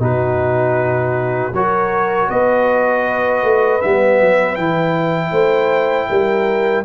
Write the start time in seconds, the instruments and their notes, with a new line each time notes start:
0.00 tuba B2, trombone D#4, horn F#4, trumpet B4
1.53 tuba F#3, trombone F#4, horn A#4, trumpet C#5
2.30 tuba B3, horn B4, trumpet D#5
3.43 tuba A3
3.82 tuba G3, trombone B3, trumpet E5
4.22 tuba F#3
4.56 tuba E3, trombone E4, trumpet G5
5.32 tuba A3, horn C5
6.10 tuba G3, horn A#4